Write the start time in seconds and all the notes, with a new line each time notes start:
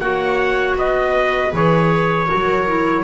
0.00 A#3 F#4 C#5 F#5
0.76 B3 B4 D#5
1.53 E3 G#4 C#5
2.26 F#4 A#4
2.33 F#3
2.67 E4